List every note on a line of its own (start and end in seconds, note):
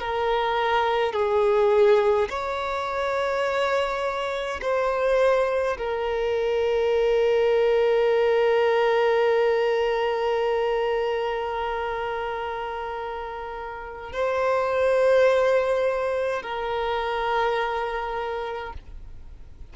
0.00 1.13 A#4
1.13 2.28 G#4
2.30 4.60 C#5
4.62 5.77 C5
5.77 14.12 A#4
14.12 16.42 C5
16.42 18.73 A#4